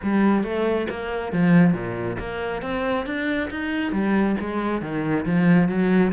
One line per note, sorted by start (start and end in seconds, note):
0.02 0.43 G3
0.43 0.87 A3
0.89 1.32 A#3
1.32 1.73 F3
1.73 2.17 A#2
2.19 2.62 A#3
2.62 3.06 C4
3.06 3.49 D4
3.50 3.92 D#4
3.92 4.36 G3
4.40 4.81 G#3
4.81 5.25 D#3
5.25 5.68 F3
5.68 6.12 F#3